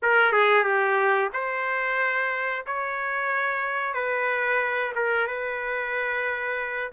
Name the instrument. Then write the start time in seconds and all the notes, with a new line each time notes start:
trumpet
0.02 A#4
0.32 G#4
0.63 G4
1.33 C5
2.66 C#5
3.94 B4
4.95 A#4
5.27 B4